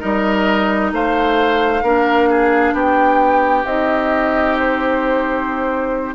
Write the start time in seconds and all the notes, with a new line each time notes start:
0.00 G3 D#4 A#4 D#5
0.92 A3 C5 F5
1.83 A#3 D4 A#4
2.29 G#4
2.73 B3 G4 G5
3.65 C4 D#4 D#5
4.58 C5